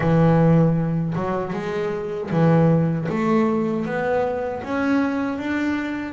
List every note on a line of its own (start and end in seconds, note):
0.00 1.14 E3
1.15 1.53 F#3
1.53 2.30 G#3
2.30 3.07 E3
3.08 3.85 A3
3.85 4.62 B3
4.63 5.38 C#4
5.38 6.13 D4